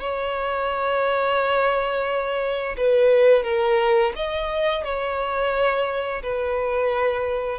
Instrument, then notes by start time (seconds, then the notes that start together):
violin
0.00 C#5
2.76 B4
3.43 A#4
4.16 D#5
4.84 C#5
6.22 B4